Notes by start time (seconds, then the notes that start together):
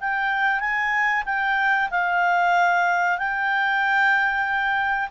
0.00 G5
0.59 G#5
1.25 G5
1.90 F5
3.18 G5